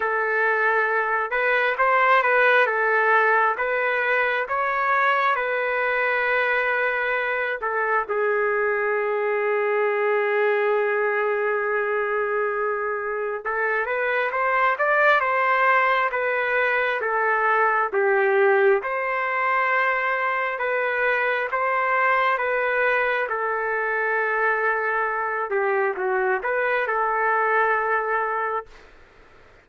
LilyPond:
\new Staff \with { instrumentName = "trumpet" } { \time 4/4 \tempo 4 = 67 a'4. b'8 c''8 b'8 a'4 | b'4 cis''4 b'2~ | b'8 a'8 gis'2.~ | gis'2. a'8 b'8 |
c''8 d''8 c''4 b'4 a'4 | g'4 c''2 b'4 | c''4 b'4 a'2~ | a'8 g'8 fis'8 b'8 a'2 | }